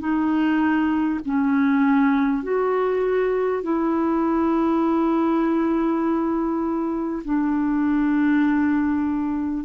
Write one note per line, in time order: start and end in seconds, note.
0.00 1.20 D#4
1.25 2.43 C#4
2.43 3.63 F#4
3.63 7.23 E4
7.25 9.65 D4